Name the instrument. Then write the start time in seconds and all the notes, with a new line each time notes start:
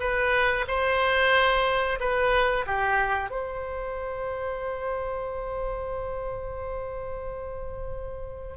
oboe
0.00 B4
0.68 C5
2.00 B4
2.66 G4
3.31 C5